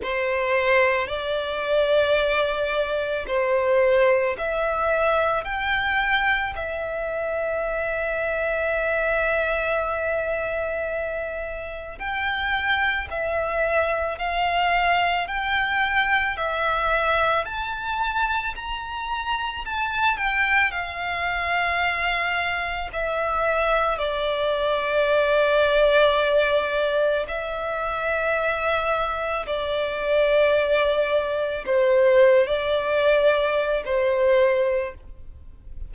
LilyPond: \new Staff \with { instrumentName = "violin" } { \time 4/4 \tempo 4 = 55 c''4 d''2 c''4 | e''4 g''4 e''2~ | e''2. g''4 | e''4 f''4 g''4 e''4 |
a''4 ais''4 a''8 g''8 f''4~ | f''4 e''4 d''2~ | d''4 e''2 d''4~ | d''4 c''8. d''4~ d''16 c''4 | }